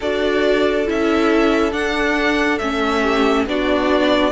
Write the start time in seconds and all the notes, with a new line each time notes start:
0.00 D4 F#4 A4 D5
0.86 C#4 E4 E5
1.72 D4 F#5
2.58 A3 C#4 E5
3.01 G4
3.46 B3 D4 F#4 D5